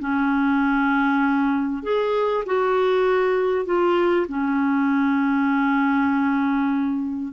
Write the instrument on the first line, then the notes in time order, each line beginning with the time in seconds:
clarinet
0.00 C#4
1.83 G#4
2.46 F#4
3.65 F4
4.28 C#4